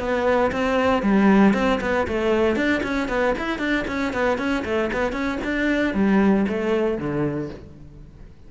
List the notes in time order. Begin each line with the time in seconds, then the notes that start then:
0.00 B3
0.52 C4
1.03 G3
1.54 C4
1.81 B3
2.08 A3
2.56 D4
2.84 C#4
3.09 B3
3.39 E4
3.59 D4
3.88 C#4
4.14 B3
4.38 C#4
4.65 A3
4.93 B3
5.13 C#4
5.45 D4
5.95 G3
6.49 A3
6.99 D3